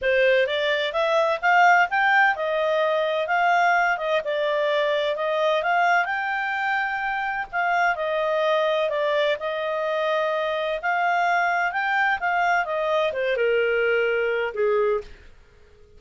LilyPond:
\new Staff \with { instrumentName = "clarinet" } { \time 4/4 \tempo 4 = 128 c''4 d''4 e''4 f''4 | g''4 dis''2 f''4~ | f''8 dis''8 d''2 dis''4 | f''4 g''2. |
f''4 dis''2 d''4 | dis''2. f''4~ | f''4 g''4 f''4 dis''4 | c''8 ais'2~ ais'8 gis'4 | }